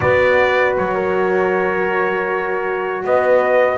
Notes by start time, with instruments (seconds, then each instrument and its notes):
0.00 double bass B3, horn F#4 B4, trumpet D5
0.77 double bass F#3, trumpet C#5
0.94 horn A#4
3.03 double bass B3, horn B4, trumpet D#5